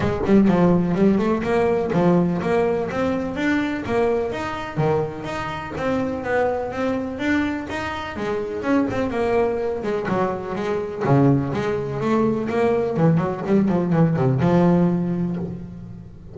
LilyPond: \new Staff \with { instrumentName = "double bass" } { \time 4/4 \tempo 4 = 125 gis8 g8 f4 g8 a8 ais4 | f4 ais4 c'4 d'4 | ais4 dis'4 dis4 dis'4 | c'4 b4 c'4 d'4 |
dis'4 gis4 cis'8 c'8 ais4~ | ais8 gis8 fis4 gis4 cis4 | gis4 a4 ais4 e8 fis8 | g8 f8 e8 c8 f2 | }